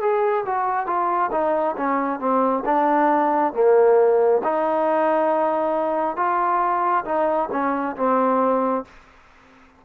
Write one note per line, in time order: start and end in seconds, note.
0.00 0.44 G#4
0.45 0.86 F#4
0.86 1.30 F4
1.31 1.75 D#4
1.76 2.19 C#4
2.19 2.64 C4
2.65 3.53 D4
3.53 4.41 A#3
4.43 6.16 D#4
6.16 7.04 F4
7.05 7.49 D#4
7.52 7.96 C#4
7.96 8.84 C4